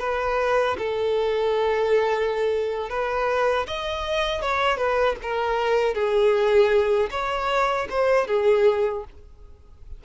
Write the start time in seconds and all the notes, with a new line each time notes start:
0.00 B4
0.78 A4
2.90 B4
3.67 D#5
4.42 C#5
4.78 B4
5.23 A#4
5.95 G#4
7.11 C#5
7.90 C5
8.28 G#4